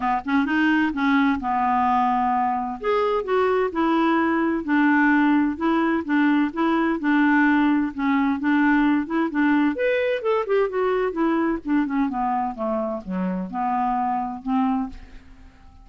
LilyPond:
\new Staff \with { instrumentName = "clarinet" } { \time 4/4 \tempo 4 = 129 b8 cis'8 dis'4 cis'4 b4~ | b2 gis'4 fis'4 | e'2 d'2 | e'4 d'4 e'4 d'4~ |
d'4 cis'4 d'4. e'8 | d'4 b'4 a'8 g'8 fis'4 | e'4 d'8 cis'8 b4 a4 | fis4 b2 c'4 | }